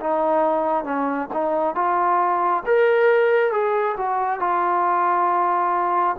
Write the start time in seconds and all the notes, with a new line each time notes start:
0.00 D#4
0.84 C#4
1.33 D#4
1.75 F4
2.65 A#4
3.51 G#4
3.96 F#4
4.40 F4